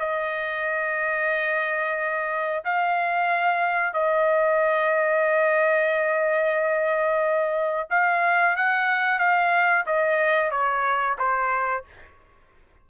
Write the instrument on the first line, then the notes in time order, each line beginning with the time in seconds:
trumpet
0.00 D#5
2.65 F5
3.94 D#5
7.90 F5
8.57 F#5
9.19 F5
9.87 D#5
10.51 C#5
11.19 C5